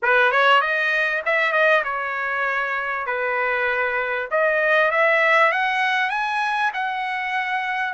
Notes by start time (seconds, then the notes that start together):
0.02 B4
0.31 C#5
0.61 D#5
1.26 E5
1.52 D#5
1.84 C#5
3.06 B4
4.30 D#5
4.91 E5
5.52 F#5
6.09 G#5
6.73 F#5